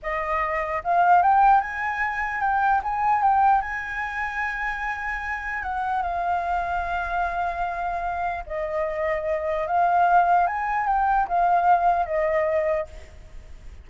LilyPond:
\new Staff \with { instrumentName = "flute" } { \time 4/4 \tempo 4 = 149 dis''2 f''4 g''4 | gis''2 g''4 gis''4 | g''4 gis''2.~ | gis''2 fis''4 f''4~ |
f''1~ | f''4 dis''2. | f''2 gis''4 g''4 | f''2 dis''2 | }